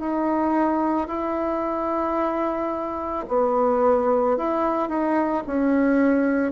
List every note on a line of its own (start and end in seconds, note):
0.00 1.08 D#4
1.08 3.26 E4
3.28 4.37 B3
4.38 4.89 E4
4.89 5.43 D#4
5.47 6.53 C#4